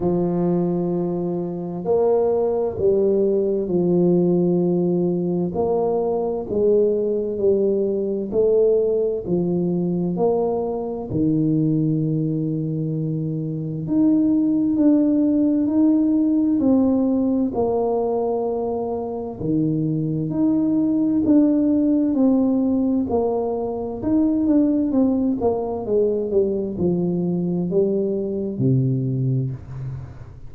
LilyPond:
\new Staff \with { instrumentName = "tuba" } { \time 4/4 \tempo 4 = 65 f2 ais4 g4 | f2 ais4 gis4 | g4 a4 f4 ais4 | dis2. dis'4 |
d'4 dis'4 c'4 ais4~ | ais4 dis4 dis'4 d'4 | c'4 ais4 dis'8 d'8 c'8 ais8 | gis8 g8 f4 g4 c4 | }